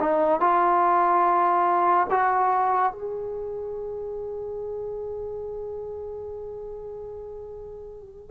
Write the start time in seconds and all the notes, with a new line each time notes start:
0.00 D#4
0.41 F4
2.11 F#4
2.93 G#4